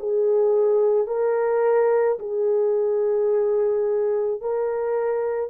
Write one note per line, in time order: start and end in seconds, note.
0.00 1.08 G#4
1.08 2.19 A#4
2.19 4.41 G#4
4.41 5.51 A#4